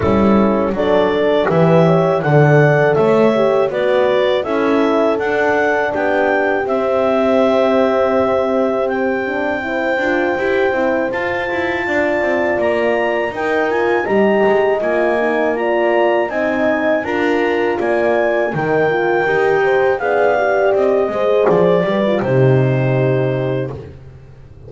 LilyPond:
<<
  \new Staff \with { instrumentName = "clarinet" } { \time 4/4 \tempo 4 = 81 a'4 d''4 e''4 fis''4 | e''4 d''4 e''4 fis''4 | g''4 e''2. | g''2. a''4~ |
a''4 ais''4 g''8 gis''8 ais''4 | gis''4 ais''4 gis''4 ais''4 | gis''4 g''2 f''4 | dis''4 d''4 c''2 | }
  \new Staff \with { instrumentName = "horn" } { \time 4/4 e'4 a'4 b'8 cis''8 d''4 | cis''4 b'4 a'2 | g'1~ | g'4 c''2. |
d''2 ais'4 dis''4~ | dis''4 d''4 dis''4 ais'4 | d''4 ais'4. c''8 d''4~ | d''8 c''4 b'8 g'2 | }
  \new Staff \with { instrumentName = "horn" } { \time 4/4 cis'4 d'4 g'4 a'4~ | a'8 g'8 fis'4 e'4 d'4~ | d'4 c'2.~ | c'8 d'8 e'8 f'8 g'8 e'8 f'4~ |
f'2 dis'8 f'8 g'4 | f'8 dis'8 f'4 dis'4 f'4~ | f'4 dis'8 f'8 g'4 gis'8 g'8~ | g'8 gis'4 g'16 f'16 dis'2 | }
  \new Staff \with { instrumentName = "double bass" } { \time 4/4 g4 fis4 e4 d4 | a4 b4 cis'4 d'4 | b4 c'2.~ | c'4. d'8 e'8 c'8 f'8 e'8 |
d'8 c'8 ais4 dis'4 g8 gis8 | ais2 c'4 d'4 | ais4 dis4 dis'4 b4 | c'8 gis8 f8 g8 c2 | }
>>